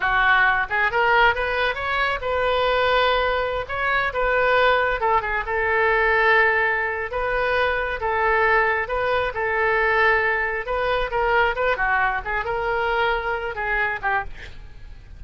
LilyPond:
\new Staff \with { instrumentName = "oboe" } { \time 4/4 \tempo 4 = 135 fis'4. gis'8 ais'4 b'4 | cis''4 b'2.~ | b'16 cis''4 b'2 a'8 gis'16~ | gis'16 a'2.~ a'8. |
b'2 a'2 | b'4 a'2. | b'4 ais'4 b'8 fis'4 gis'8 | ais'2~ ais'8 gis'4 g'8 | }